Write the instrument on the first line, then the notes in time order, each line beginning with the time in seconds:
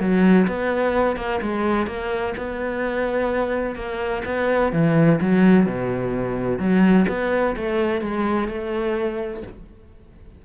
cello
0.00 F#3
0.48 B3
1.17 A#3
1.42 G#3
1.87 A#3
2.38 B3
3.76 A#3
4.25 B3
4.73 E3
5.21 F#3
5.66 B2
6.59 F#3
7.08 B3
7.57 A3
8.01 G#3
8.48 A3